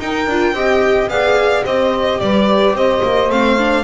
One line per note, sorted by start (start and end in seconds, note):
0.00 0.27 D#4
0.00 0.29 D#4
0.00 0.55 A#4
0.00 1.09 G5
0.27 0.53 D4
0.27 0.55 F4
0.53 1.08 C4
0.53 1.10 G4
0.53 1.10 D#5
1.09 1.64 B3
1.09 1.65 G#4
1.09 1.65 D5
1.09 1.64 F5
1.65 2.20 C4
1.65 3.30 G4
1.65 2.20 C5
1.65 2.20 D#5
2.20 2.73 G3
2.20 2.77 B4
2.20 2.75 D5
2.73 3.00 C4
2.73 3.84 C5
2.73 3.31 D#5
3.03 3.30 A#3
3.30 3.84 A3
3.30 3.58 C4
3.30 3.84 F5
3.58 3.84 D4